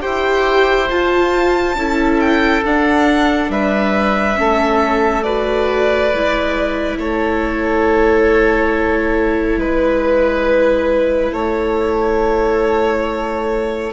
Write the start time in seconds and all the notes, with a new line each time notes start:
0.00 E4 G4 C5 G5
0.89 F4 A5
1.75 C#4 E4 A4
2.20 G5
2.64 D4 F#5
3.49 G3 B4 E5
4.35 A3 C#4 A4
5.23 F#4 B4 D5
6.13 G#3 E4
6.97 A3 A4 C#5
9.57 G#3 B4
11.33 A3 A4 C#5